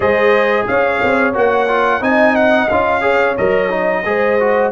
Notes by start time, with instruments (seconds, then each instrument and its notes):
0.00 tuba G#3, trombone G#4, horn C5, trumpet D#5
0.67 tuba C#4, horn C#5, trumpet F5
1.03 tuba C4
1.33 tuba A#3, trombone F#4, trumpet F#5
1.68 trombone F4
2.00 tuba C4, trombone D#4, horn D#5, trumpet G#5
2.35 trumpet F#5
2.68 tuba C#4, trombone F4, trumpet F5
3.01 trombone G#4, horn C#5
3.37 tuba F#3, trombone A#4, trumpet D#5
3.69 trombone D#4
4.05 tuba G#3, trombone G#4, horn C5
4.39 trombone F#4